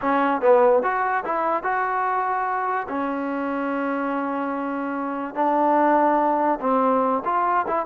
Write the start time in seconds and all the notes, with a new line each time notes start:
0.01 C#4
0.41 B3
0.82 F#4
1.24 E4
1.63 F#4
2.88 C#4
5.35 D4
6.60 C4
7.24 F4
7.67 E4